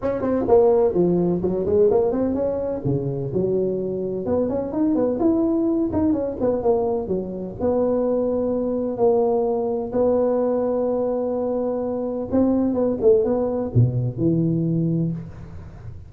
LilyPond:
\new Staff \with { instrumentName = "tuba" } { \time 4/4 \tempo 4 = 127 cis'8 c'8 ais4 f4 fis8 gis8 | ais8 c'8 cis'4 cis4 fis4~ | fis4 b8 cis'8 dis'8 b8 e'4~ | e'8 dis'8 cis'8 b8 ais4 fis4 |
b2. ais4~ | ais4 b2.~ | b2 c'4 b8 a8 | b4 b,4 e2 | }